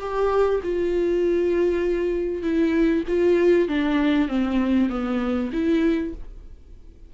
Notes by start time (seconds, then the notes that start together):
0.00 G4
0.63 F4
2.43 E4
3.08 F4
3.68 D4
4.29 C4
4.90 B3
5.53 E4